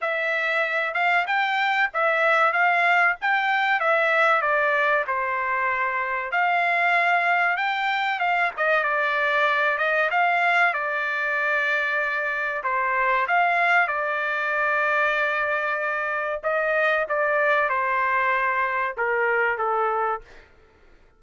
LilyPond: \new Staff \with { instrumentName = "trumpet" } { \time 4/4 \tempo 4 = 95 e''4. f''8 g''4 e''4 | f''4 g''4 e''4 d''4 | c''2 f''2 | g''4 f''8 dis''8 d''4. dis''8 |
f''4 d''2. | c''4 f''4 d''2~ | d''2 dis''4 d''4 | c''2 ais'4 a'4 | }